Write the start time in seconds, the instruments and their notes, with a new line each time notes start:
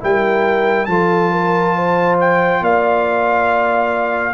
0.00 tuba G3, trombone E4, horn A#4, trumpet G5
0.86 tuba F3, trombone F4, horn A4, trumpet A5
1.32 horn A#4
1.74 horn C5
2.20 trumpet G5
2.61 tuba A#3, horn D5, trumpet F5